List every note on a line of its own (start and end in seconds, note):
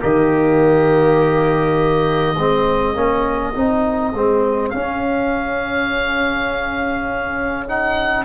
0.00 2.37 D#3
0.00 2.35 A#3
0.00 2.37 G4
0.00 4.70 D#5
2.37 2.96 G#3
2.37 2.95 C4
2.37 8.25 G#4
2.95 3.54 A#3
2.95 3.54 C#4
3.54 4.14 C4
3.54 4.13 D#4
4.14 4.73 G#3
4.14 4.75 C4
4.70 8.25 C#4
4.70 7.68 C#4
4.70 7.64 F5
7.68 8.25 D#4
7.68 8.25 F#5